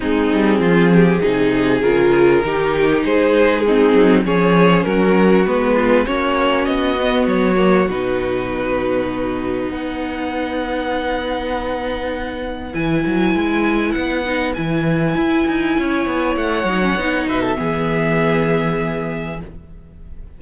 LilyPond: <<
  \new Staff \with { instrumentName = "violin" } { \time 4/4 \tempo 4 = 99 gis'2. ais'4~ | ais'4 c''4 gis'4 cis''4 | ais'4 b'4 cis''4 dis''4 | cis''4 b'2. |
fis''1~ | fis''4 gis''2 fis''4 | gis''2. fis''4~ | fis''8 e''2.~ e''8 | }
  \new Staff \with { instrumentName = "violin" } { \time 4/4 dis'4 f'8 g'8 gis'2 | g'4 gis'4 dis'4 gis'4 | fis'4. f'8 fis'2~ | fis'1 |
b'1~ | b'1~ | b'2 cis''2~ | cis''8 b'16 a'16 gis'2. | }
  \new Staff \with { instrumentName = "viola" } { \time 4/4 c'2 dis'4 f'4 | dis'2 c'4 cis'4~ | cis'4 b4 cis'4. b8~ | b8 ais8 dis'2.~ |
dis'1~ | dis'4 e'2~ e'8 dis'8 | e'2.~ e'8 dis'16 cis'16 | dis'4 b2. | }
  \new Staff \with { instrumentName = "cello" } { \time 4/4 gis8 g8 f4 c4 cis4 | dis4 gis4. fis8 f4 | fis4 gis4 ais4 b4 | fis4 b,2. |
b1~ | b4 e8 fis8 gis4 b4 | e4 e'8 dis'8 cis'8 b8 a8 fis8 | b8 b,8 e2. | }
>>